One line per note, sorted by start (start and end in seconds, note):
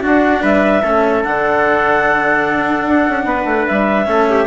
0.00 0.81 D4
0.00 0.42 D4
0.00 0.42 F#4
0.00 0.43 F#5
0.42 0.83 G3
0.42 0.82 B4
0.42 1.24 E5
0.82 1.23 A3
0.82 1.24 C#4
0.82 3.25 A4
1.24 2.86 D3
1.24 4.05 D4
1.24 3.67 F#5
2.86 3.07 D4
3.09 3.24 C#4
3.24 3.44 B3
3.24 4.08 B4
3.45 3.65 A3
3.67 4.07 G3
3.67 4.47 E5
4.05 4.47 A3
4.05 4.46 C#4
4.05 4.29 A4
4.30 4.47 G4